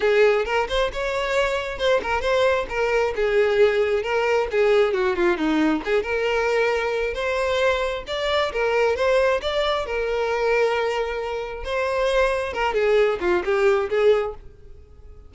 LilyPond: \new Staff \with { instrumentName = "violin" } { \time 4/4 \tempo 4 = 134 gis'4 ais'8 c''8 cis''2 | c''8 ais'8 c''4 ais'4 gis'4~ | gis'4 ais'4 gis'4 fis'8 f'8 | dis'4 gis'8 ais'2~ ais'8 |
c''2 d''4 ais'4 | c''4 d''4 ais'2~ | ais'2 c''2 | ais'8 gis'4 f'8 g'4 gis'4 | }